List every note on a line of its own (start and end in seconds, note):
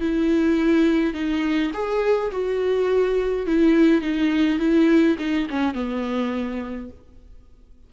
0.00 1.13 E4
1.13 1.71 D#4
1.73 2.31 G#4
2.31 3.46 F#4
3.46 4.01 E4
4.01 4.59 D#4
4.59 5.16 E4
5.18 5.47 D#4
5.49 5.74 C#4
5.74 6.89 B3